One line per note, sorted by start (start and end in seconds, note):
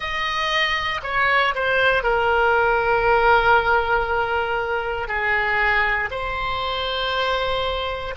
0.00 1.00 D#5
1.03 1.54 C#5
1.54 2.03 C5
2.03 5.08 A#4
5.08 6.09 G#4
6.11 8.14 C5